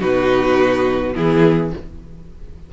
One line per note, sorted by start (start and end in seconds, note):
0.00 1.16 B2
0.00 1.14 D#4
0.00 1.14 F#4
0.00 1.15 B4
1.14 1.73 E3
1.14 1.72 B3
1.14 1.72 E4
1.14 1.74 G#4